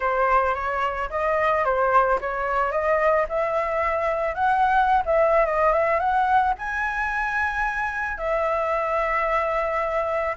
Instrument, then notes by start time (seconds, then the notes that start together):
flute
0.00 C5
0.54 C#5
1.10 D#5
1.64 C5
2.21 C#5
2.71 D#5
3.29 E5
4.34 F#5
5.05 E5
5.45 D#5
5.72 E5
5.99 F#5
6.58 G#5
8.17 E5